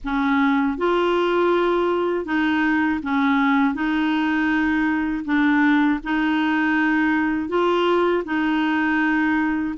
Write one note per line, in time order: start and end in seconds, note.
0.04 0.77 C#4
0.77 2.25 F4
2.25 3.00 D#4
3.02 3.74 C#4
3.74 5.24 D#4
5.24 5.99 D4
6.03 7.48 D#4
7.48 8.23 F4
8.24 9.74 D#4